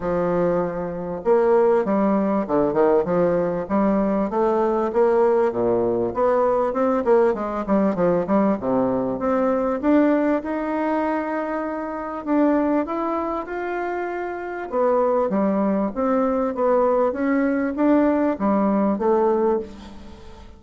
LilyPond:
\new Staff \with { instrumentName = "bassoon" } { \time 4/4 \tempo 4 = 98 f2 ais4 g4 | d8 dis8 f4 g4 a4 | ais4 ais,4 b4 c'8 ais8 | gis8 g8 f8 g8 c4 c'4 |
d'4 dis'2. | d'4 e'4 f'2 | b4 g4 c'4 b4 | cis'4 d'4 g4 a4 | }